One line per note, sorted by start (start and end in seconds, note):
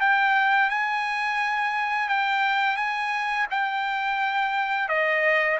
0.00 0.69 G5
0.69 2.08 G#5
2.08 2.76 G5
2.76 3.46 G#5
3.50 4.88 G5
4.88 5.58 D#5